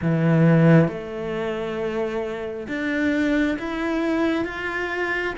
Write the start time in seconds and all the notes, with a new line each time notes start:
0.01 E3
0.88 A3
2.67 D4
3.58 E4
4.45 F4